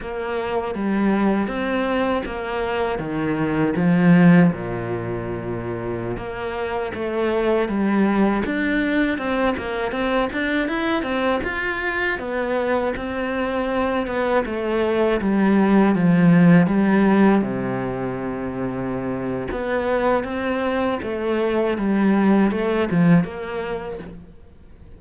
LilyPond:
\new Staff \with { instrumentName = "cello" } { \time 4/4 \tempo 4 = 80 ais4 g4 c'4 ais4 | dis4 f4 ais,2~ | ais,16 ais4 a4 g4 d'8.~ | d'16 c'8 ais8 c'8 d'8 e'8 c'8 f'8.~ |
f'16 b4 c'4. b8 a8.~ | a16 g4 f4 g4 c8.~ | c2 b4 c'4 | a4 g4 a8 f8 ais4 | }